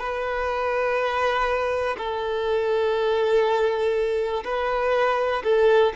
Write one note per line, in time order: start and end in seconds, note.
0.00 1.97 B4
1.98 4.44 A4
4.45 5.43 B4
5.44 5.93 A4